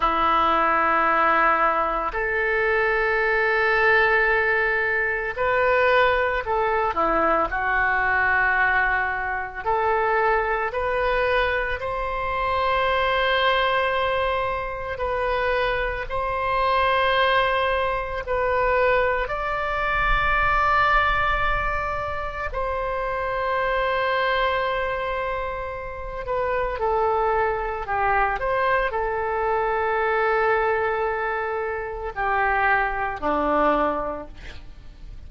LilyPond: \new Staff \with { instrumentName = "oboe" } { \time 4/4 \tempo 4 = 56 e'2 a'2~ | a'4 b'4 a'8 e'8 fis'4~ | fis'4 a'4 b'4 c''4~ | c''2 b'4 c''4~ |
c''4 b'4 d''2~ | d''4 c''2.~ | c''8 b'8 a'4 g'8 c''8 a'4~ | a'2 g'4 d'4 | }